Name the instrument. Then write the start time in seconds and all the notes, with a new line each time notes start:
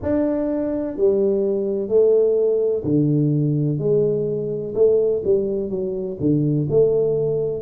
tuba
0.02 D4
0.97 G3
1.88 A3
2.84 D3
3.78 G#3
4.74 A3
5.24 G3
5.69 F#3
6.19 D3
6.69 A3